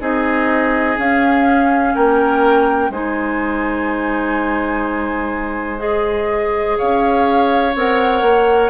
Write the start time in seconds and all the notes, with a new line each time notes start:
0.00 C4 D#4 G#4 D#5
0.98 C#4 F5
1.95 A#3 A#4 G5
2.90 G#3 D#4 C5 G#5
5.78 G#4 D#5
6.78 C#4 C#5 F5
7.75 C4 A#4 F#5
8.22 A#3